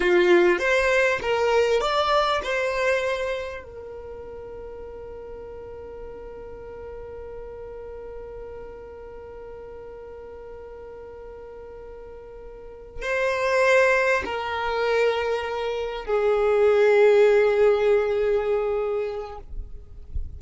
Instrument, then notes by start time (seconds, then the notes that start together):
violin
0.00 F4
0.59 C5
1.21 A#4
1.80 D5
2.43 C5
3.63 A#4
13.02 C5
14.25 A#4
16.05 G#4